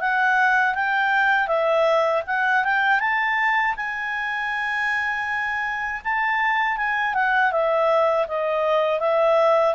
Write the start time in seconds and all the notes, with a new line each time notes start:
0.00 F#5
0.75 G5
1.48 E5
2.26 F#5
2.64 G5
3.00 A5
3.76 G#5
6.04 A5
6.77 G#5
7.14 F#5
7.52 E5
8.28 D#5
9.00 E5